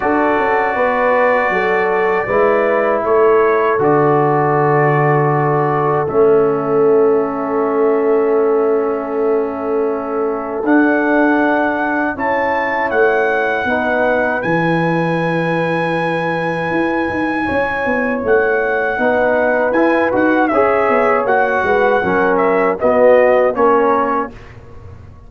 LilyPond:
<<
  \new Staff \with { instrumentName = "trumpet" } { \time 4/4 \tempo 4 = 79 d''1 | cis''4 d''2. | e''1~ | e''2 fis''2 |
a''4 fis''2 gis''4~ | gis''1 | fis''2 gis''8 fis''8 e''4 | fis''4. e''8 dis''4 cis''4 | }
  \new Staff \with { instrumentName = "horn" } { \time 4/4 a'4 b'4 a'4 b'4 | a'1~ | a'1~ | a'1 |
cis''2 b'2~ | b'2. cis''4~ | cis''4 b'2 cis''4~ | cis''8 b'8 ais'4 fis'4 ais'4 | }
  \new Staff \with { instrumentName = "trombone" } { \time 4/4 fis'2. e'4~ | e'4 fis'2. | cis'1~ | cis'2 d'2 |
e'2 dis'4 e'4~ | e'1~ | e'4 dis'4 e'8 fis'8 gis'4 | fis'4 cis'4 b4 cis'4 | }
  \new Staff \with { instrumentName = "tuba" } { \time 4/4 d'8 cis'8 b4 fis4 gis4 | a4 d2. | a1~ | a2 d'2 |
cis'4 a4 b4 e4~ | e2 e'8 dis'8 cis'8 b8 | a4 b4 e'8 dis'8 cis'8 b8 | ais8 gis8 fis4 b4 ais4 | }
>>